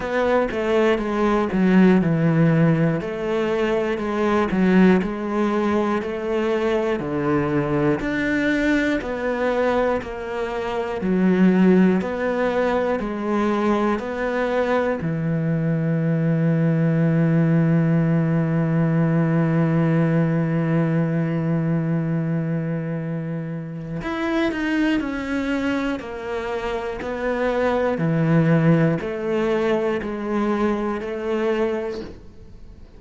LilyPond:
\new Staff \with { instrumentName = "cello" } { \time 4/4 \tempo 4 = 60 b8 a8 gis8 fis8 e4 a4 | gis8 fis8 gis4 a4 d4 | d'4 b4 ais4 fis4 | b4 gis4 b4 e4~ |
e1~ | e1 | e'8 dis'8 cis'4 ais4 b4 | e4 a4 gis4 a4 | }